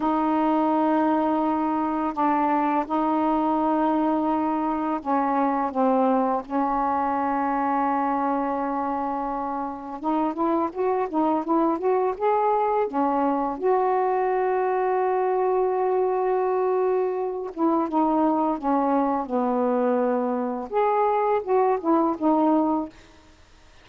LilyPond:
\new Staff \with { instrumentName = "saxophone" } { \time 4/4 \tempo 4 = 84 dis'2. d'4 | dis'2. cis'4 | c'4 cis'2.~ | cis'2 dis'8 e'8 fis'8 dis'8 |
e'8 fis'8 gis'4 cis'4 fis'4~ | fis'1~ | fis'8 e'8 dis'4 cis'4 b4~ | b4 gis'4 fis'8 e'8 dis'4 | }